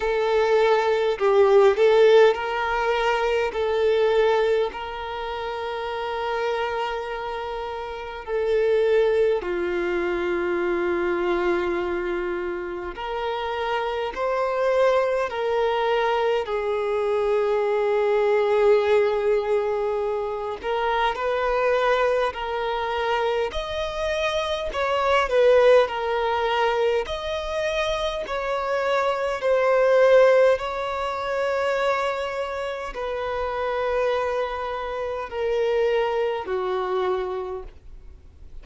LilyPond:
\new Staff \with { instrumentName = "violin" } { \time 4/4 \tempo 4 = 51 a'4 g'8 a'8 ais'4 a'4 | ais'2. a'4 | f'2. ais'4 | c''4 ais'4 gis'2~ |
gis'4. ais'8 b'4 ais'4 | dis''4 cis''8 b'8 ais'4 dis''4 | cis''4 c''4 cis''2 | b'2 ais'4 fis'4 | }